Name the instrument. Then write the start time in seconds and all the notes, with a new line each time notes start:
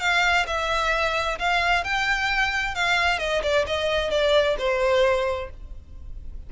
violin
0.00 F5
0.47 E5
1.39 F5
1.84 G5
2.75 F5
3.19 D#5
3.43 D5
3.67 D#5
4.11 D5
4.58 C5